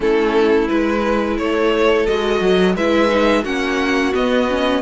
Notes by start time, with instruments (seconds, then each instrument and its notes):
0.00 cello A3, viola C#4, violin E4 A4
0.68 cello G#3, viola E4, violin B4
1.37 cello A3, violin A4 C#5
2.06 cello G#3, viola F#4, violin D#5
2.41 cello F#3
2.75 cello G#3, viola E4, violin B4 E5
3.08 viola D#4
3.43 cello A#3, viola C#4, violin F#4 F#5
4.13 viola B3, cello B3, violin D#5
4.49 viola C#4